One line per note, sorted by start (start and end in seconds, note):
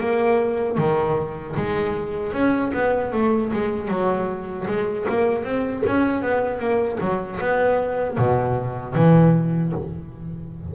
0.00 0.78 A#3
0.78 1.56 D#3
1.57 2.33 G#3
2.33 2.72 C#4
2.74 3.13 B3
3.13 3.52 A3
3.53 3.88 G#3
3.88 4.66 F#3
4.68 5.06 G#3
5.09 5.44 A#3
5.44 5.83 C4
5.87 6.22 C#4
6.22 6.60 B3
6.60 6.98 A#3
7.01 7.40 F#3
7.41 8.17 B3
8.17 8.95 B2
8.95 9.73 E3